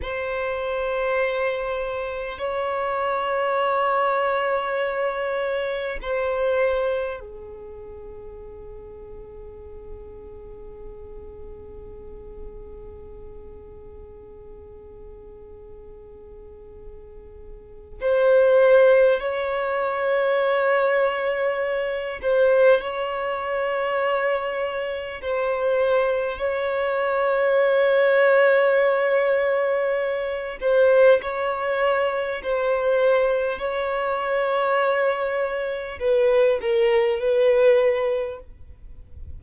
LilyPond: \new Staff \with { instrumentName = "violin" } { \time 4/4 \tempo 4 = 50 c''2 cis''2~ | cis''4 c''4 gis'2~ | gis'1~ | gis'2. c''4 |
cis''2~ cis''8 c''8 cis''4~ | cis''4 c''4 cis''2~ | cis''4. c''8 cis''4 c''4 | cis''2 b'8 ais'8 b'4 | }